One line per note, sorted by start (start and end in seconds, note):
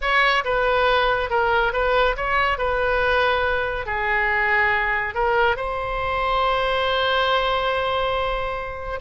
0.01 0.44 C#5
0.44 1.30 B4
1.30 1.73 A#4
1.73 2.15 B4
2.16 2.57 C#5
2.57 3.86 B4
3.86 5.14 G#4
5.14 5.56 A#4
5.56 8.99 C5